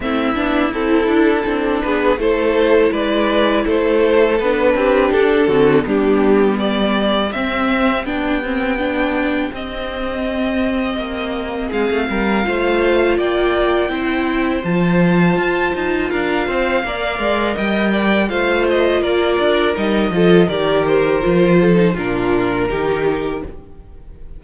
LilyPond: <<
  \new Staff \with { instrumentName = "violin" } { \time 4/4 \tempo 4 = 82 e''4 a'4. b'8 c''4 | d''4 c''4 b'4 a'4 | g'4 d''4 e''4 g''4~ | g''4 dis''2. |
f''2 g''2 | a''2 f''2 | g''4 f''8 dis''8 d''4 dis''4 | d''8 c''4. ais'2 | }
  \new Staff \with { instrumentName = "violin" } { \time 4/4 e'2~ e'8 gis'8 a'4 | b'4 a'4. g'4 fis'8 | d'4 g'2.~ | g'1 |
gis'8 ais'8 c''4 d''4 c''4~ | c''2 ais'8 c''8 d''4 | dis''8 d''8 c''4 ais'4. a'8 | ais'4. a'8 f'4 g'4 | }
  \new Staff \with { instrumentName = "viola" } { \time 4/4 c'8 d'8 e'4 d'4 e'4~ | e'2 d'4. c'8 | b2 c'4 d'8 c'8 | d'4 c'2.~ |
c'4 f'2 e'4 | f'2. ais'4~ | ais'4 f'2 dis'8 f'8 | g'4 f'8. dis'16 d'4 dis'4 | }
  \new Staff \with { instrumentName = "cello" } { \time 4/4 a8 b8 c'8 d'8 c'8 b8 a4 | gis4 a4 b8 c'8 d'8 d8 | g2 c'4 b4~ | b4 c'2 ais4 |
gis16 a16 g8 a4 ais4 c'4 | f4 f'8 dis'8 d'8 c'8 ais8 gis8 | g4 a4 ais8 d'8 g8 f8 | dis4 f4 ais,4 dis4 | }
>>